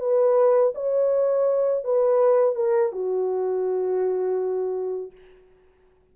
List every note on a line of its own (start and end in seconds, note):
0.00 0.73 B4
0.75 1.84 C#5
1.84 2.56 B4
2.56 2.92 A#4
2.93 5.12 F#4